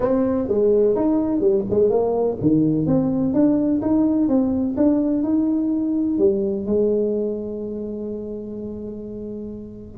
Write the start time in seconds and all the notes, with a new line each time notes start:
0.00 C4
0.47 G#3
0.95 D#4
1.40 G3
1.70 G#3
1.90 A#3
2.41 D#3
2.86 C4
3.33 D4
3.81 D#4
4.28 C4
4.76 D4
5.23 D#4
6.18 G3
6.66 G#3